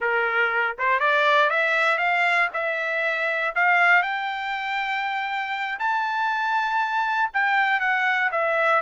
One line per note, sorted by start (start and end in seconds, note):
0.00 0.76 A#4
0.78 0.99 C5
0.99 1.50 D5
1.50 1.98 E5
1.98 2.48 F5
2.53 3.54 E5
3.55 4.02 F5
4.02 5.78 G5
5.79 7.30 A5
7.33 7.80 G5
7.80 8.30 F#5
8.31 8.81 E5